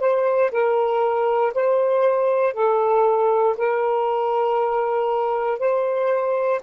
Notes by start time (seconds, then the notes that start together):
0.00 C5
0.51 A#4
1.54 C5
2.54 A4
3.57 A#4
5.59 C5